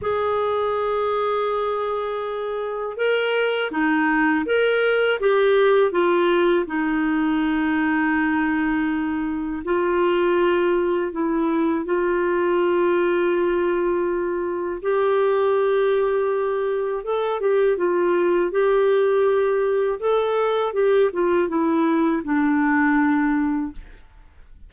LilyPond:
\new Staff \with { instrumentName = "clarinet" } { \time 4/4 \tempo 4 = 81 gis'1 | ais'4 dis'4 ais'4 g'4 | f'4 dis'2.~ | dis'4 f'2 e'4 |
f'1 | g'2. a'8 g'8 | f'4 g'2 a'4 | g'8 f'8 e'4 d'2 | }